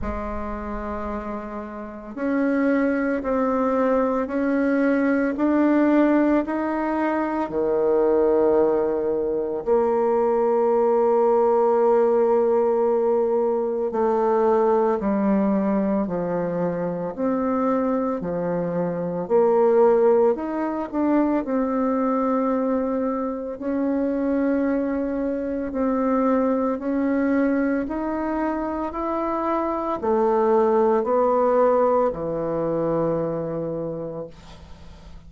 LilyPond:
\new Staff \with { instrumentName = "bassoon" } { \time 4/4 \tempo 4 = 56 gis2 cis'4 c'4 | cis'4 d'4 dis'4 dis4~ | dis4 ais2.~ | ais4 a4 g4 f4 |
c'4 f4 ais4 dis'8 d'8 | c'2 cis'2 | c'4 cis'4 dis'4 e'4 | a4 b4 e2 | }